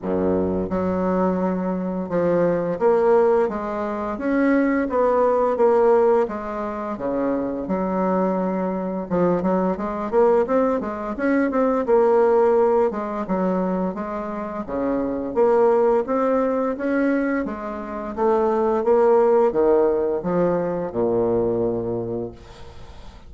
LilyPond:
\new Staff \with { instrumentName = "bassoon" } { \time 4/4 \tempo 4 = 86 fis,4 fis2 f4 | ais4 gis4 cis'4 b4 | ais4 gis4 cis4 fis4~ | fis4 f8 fis8 gis8 ais8 c'8 gis8 |
cis'8 c'8 ais4. gis8 fis4 | gis4 cis4 ais4 c'4 | cis'4 gis4 a4 ais4 | dis4 f4 ais,2 | }